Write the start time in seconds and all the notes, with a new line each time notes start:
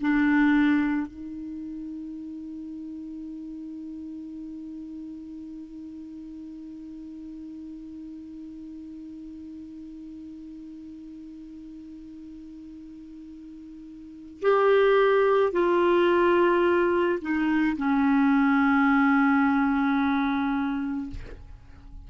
0.00 D4
1.07 D#4
14.41 G4
15.52 F4
17.21 D#4
17.77 C#4